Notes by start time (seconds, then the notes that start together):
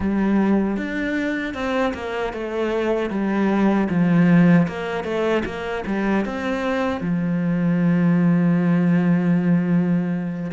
0.00 G3
0.76 D4
1.54 C4
1.94 A#3
2.33 A3
3.10 G3
3.89 F3
4.67 A#3
5.04 A3
5.45 A#3
5.86 G3
6.25 C4
7.00 F3